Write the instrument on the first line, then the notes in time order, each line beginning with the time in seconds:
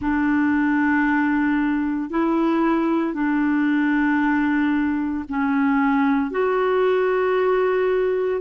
clarinet
0.00 D4
2.10 E4
3.13 D4
5.28 C#4
6.31 F#4